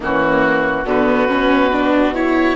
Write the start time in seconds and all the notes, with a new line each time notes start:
0.00 E3 A#3 C#4 F#4
0.84 D3 B3 F#4 B4
1.28 B2 C#4
1.72 D4
2.14 E4 C#5